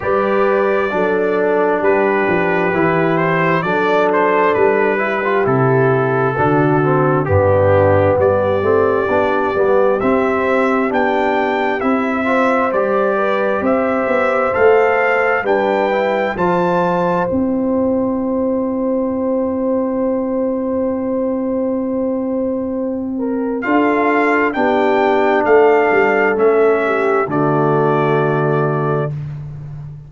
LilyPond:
<<
  \new Staff \with { instrumentName = "trumpet" } { \time 4/4 \tempo 4 = 66 d''2 b'4. c''8 | d''8 c''8 b'4 a'2 | g'4 d''2 e''4 | g''4 e''4 d''4 e''4 |
f''4 g''4 a''4 g''4~ | g''1~ | g''2 f''4 g''4 | f''4 e''4 d''2 | }
  \new Staff \with { instrumentName = "horn" } { \time 4/4 b'4 a'4 g'2 | a'4. g'4. fis'4 | d'4 g'2.~ | g'4. c''4 b'8 c''4~ |
c''4 b'4 c''2~ | c''1~ | c''4. ais'8 a'4 g'4 | a'4. g'8 fis'2 | }
  \new Staff \with { instrumentName = "trombone" } { \time 4/4 g'4 d'2 e'4 | d'4. e'16 f'16 e'4 d'8 c'8 | b4. c'8 d'8 b8 c'4 | d'4 e'8 f'8 g'2 |
a'4 d'8 e'8 f'4 e'4~ | e'1~ | e'2 f'4 d'4~ | d'4 cis'4 a2 | }
  \new Staff \with { instrumentName = "tuba" } { \time 4/4 g4 fis4 g8 f8 e4 | fis4 g4 c4 d4 | g,4 g8 a8 b8 g8 c'4 | b4 c'4 g4 c'8 b8 |
a4 g4 f4 c'4~ | c'1~ | c'2 d'4 b4 | a8 g8 a4 d2 | }
>>